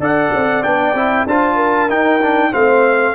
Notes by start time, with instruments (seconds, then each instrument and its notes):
0.00 tuba D4, trombone A4, horn D5, trumpet F#5
0.33 tuba C4
0.63 tuba B3, trombone D4, trumpet G5
0.94 tuba C4, trombone E4
1.26 tuba D4, trombone F4, horn C5, trumpet A5
1.56 horn A#4
1.89 tuba D#4, trombone D#4, trumpet G5
2.22 trombone D4
2.52 tuba A3, trombone C4, horn C5, trumpet F5